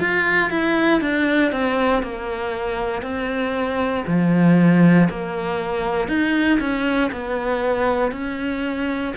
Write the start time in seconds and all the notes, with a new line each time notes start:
0.00 F4
0.50 E4
1.01 D4
1.52 C4
2.03 A#3
3.02 C4
4.07 F3
5.10 A#3
6.08 D#4
6.60 C#4
7.12 B3
8.12 C#4